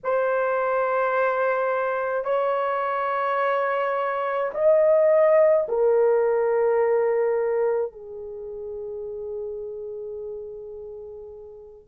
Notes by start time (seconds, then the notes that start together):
0.03 C5
2.24 C#5
4.53 D#5
5.68 A#4
7.92 G#4